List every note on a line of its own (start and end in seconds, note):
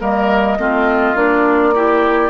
0.00 0.58 G3
0.00 0.58 A#3
0.00 0.58 A#4
0.00 1.17 D#5
0.58 1.14 A3
0.58 1.15 C4
0.58 1.74 F4
1.14 2.30 A#3
1.14 1.73 D4
1.14 2.30 D5
1.74 2.30 E4
1.74 2.30 G4